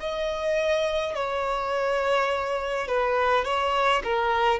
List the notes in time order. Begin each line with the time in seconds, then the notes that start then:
0.00 D#5
1.15 C#5
2.88 B4
3.45 C#5
4.04 A#4